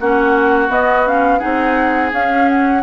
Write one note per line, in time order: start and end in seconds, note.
0.00 0.69 A#3
0.00 0.69 C#4
0.00 1.39 F#4
0.00 0.72 F#5
0.69 1.04 B3
0.69 1.40 B3
0.69 1.08 D#5
1.06 1.40 C#4
1.06 1.39 F5
1.39 2.13 C4
1.39 2.11 D#4
1.39 2.82 G#4
1.39 2.10 F#5
2.13 2.83 C#4
2.13 2.49 F5
2.49 2.83 F#5